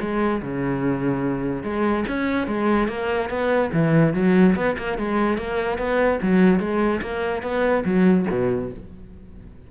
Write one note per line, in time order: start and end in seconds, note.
0.00 0.41 G#3
0.42 1.63 C#3
1.63 2.04 G#3
2.08 2.47 C#4
2.47 2.88 G#3
2.88 3.29 A#3
3.29 3.71 B3
3.72 4.13 E3
4.13 4.55 F#3
4.55 4.76 B3
4.78 4.98 A#3
4.98 5.37 G#3
5.37 5.78 A#3
5.78 6.19 B3
6.21 6.59 F#3
6.59 7.01 G#3
7.01 7.42 A#3
7.42 7.83 B3
7.84 8.26 F#3
8.29 8.70 B2